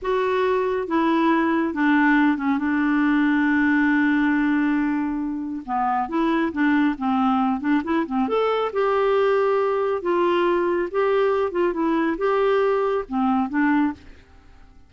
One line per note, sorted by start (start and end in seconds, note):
0.02 0.87 F#4
0.87 1.74 E4
1.74 2.37 D4
2.37 2.58 C#4
2.58 5.62 D4
5.65 6.08 B3
6.08 6.52 E4
6.52 6.95 D4
6.97 7.60 C4
7.60 7.82 D4
7.84 8.06 E4
8.06 8.28 C4
8.28 8.71 A4
8.73 10.01 G4
10.01 10.88 F4
10.91 11.51 G4
11.51 11.73 F4
11.73 12.16 E4
12.17 13.04 G4
13.08 13.49 C4
13.49 13.92 D4